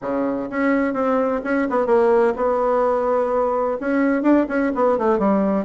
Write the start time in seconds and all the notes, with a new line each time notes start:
0.01 C#3
0.50 C#4
0.93 C4
1.43 C#4
1.70 B3
1.86 A#3
2.36 B3
3.80 C#4
4.22 D4
4.48 C#4
4.74 B3
4.98 A3
5.18 G3